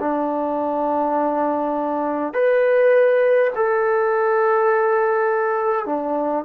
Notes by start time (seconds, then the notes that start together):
0.00 D4
2.34 B4
3.56 A4
5.86 D4